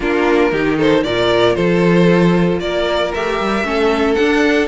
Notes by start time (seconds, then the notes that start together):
0.00 A#3 D4 F4 A#4
0.52 D#3 D#4 G4
0.77 A4 C5
1.03 A#2 F4 A#4 D5
1.55 F3 A4 C5
2.59 A#3 A#4 D5
3.13 A3 G4 E5
3.40 G3
3.63 A3 C#4 A4
4.14 D4 F#5